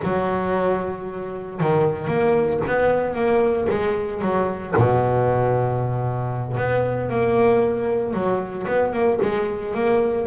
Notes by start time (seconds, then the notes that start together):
0.02 F#3
1.60 D#3
2.07 A#3
2.67 B3
3.14 A#3
3.69 G#3
4.21 F#3
4.76 B2
6.57 B3
7.09 A#3
8.13 F#3
8.67 B3
8.92 A#3
9.22 G#3
9.74 A#3